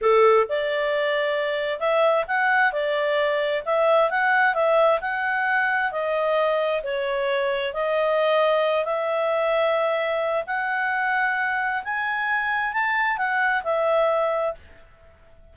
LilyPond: \new Staff \with { instrumentName = "clarinet" } { \time 4/4 \tempo 4 = 132 a'4 d''2. | e''4 fis''4 d''2 | e''4 fis''4 e''4 fis''4~ | fis''4 dis''2 cis''4~ |
cis''4 dis''2~ dis''8 e''8~ | e''2. fis''4~ | fis''2 gis''2 | a''4 fis''4 e''2 | }